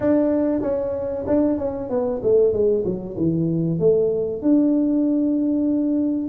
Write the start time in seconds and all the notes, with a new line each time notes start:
0.00 D4
0.61 C#4
1.26 D4
1.58 C#4
1.89 B3
2.22 A3
2.53 G#3
2.84 F#3
3.17 E3
3.79 A3
4.42 D4